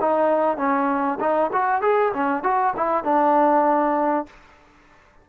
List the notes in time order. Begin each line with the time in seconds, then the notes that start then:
0.00 D#4
0.57 C#4
1.20 D#4
1.53 F#4
1.81 G#4
2.13 C#4
2.43 F#4
2.76 E4
3.03 D4